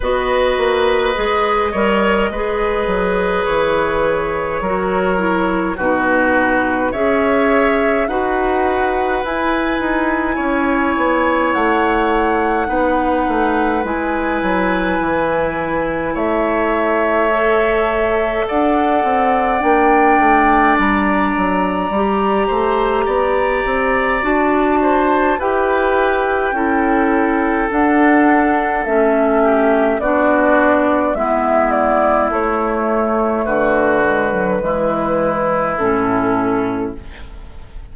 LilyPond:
<<
  \new Staff \with { instrumentName = "flute" } { \time 4/4 \tempo 4 = 52 dis''2. cis''4~ | cis''4 b'4 e''4 fis''4 | gis''2 fis''2 | gis''2 e''2 |
fis''4 g''4 ais''2~ | ais''4 a''4 g''2 | fis''4 e''4 d''4 e''8 d''8 | cis''4 b'2 a'4 | }
  \new Staff \with { instrumentName = "oboe" } { \time 4/4 b'4. cis''8 b'2 | ais'4 fis'4 cis''4 b'4~ | b'4 cis''2 b'4~ | b'2 cis''2 |
d''2.~ d''8 c''8 | d''4. c''8 b'4 a'4~ | a'4. g'8 fis'4 e'4~ | e'4 fis'4 e'2 | }
  \new Staff \with { instrumentName = "clarinet" } { \time 4/4 fis'4 gis'8 ais'8 gis'2 | fis'8 e'8 dis'4 gis'4 fis'4 | e'2. dis'4 | e'2. a'4~ |
a'4 d'2 g'4~ | g'4 fis'4 g'4 e'4 | d'4 cis'4 d'4 b4 | a4. gis16 fis16 gis4 cis'4 | }
  \new Staff \with { instrumentName = "bassoon" } { \time 4/4 b8 ais8 gis8 g8 gis8 fis8 e4 | fis4 b,4 cis'4 dis'4 | e'8 dis'8 cis'8 b8 a4 b8 a8 | gis8 fis8 e4 a2 |
d'8 c'8 ais8 a8 g8 fis8 g8 a8 | b8 c'8 d'4 e'4 cis'4 | d'4 a4 b4 gis4 | a4 d4 e4 a,4 | }
>>